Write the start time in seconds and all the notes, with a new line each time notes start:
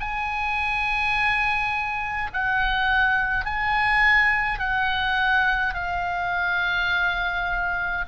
0.00 G#5
2.33 F#5
3.45 G#5
4.59 F#5
5.74 F5